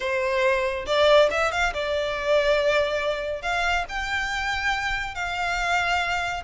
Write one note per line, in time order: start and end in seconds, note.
0.00 0.85 C5
0.86 1.29 D5
1.31 1.51 E5
1.51 1.73 F5
1.73 3.42 D5
3.42 3.85 F5
3.88 5.14 G5
5.14 6.43 F5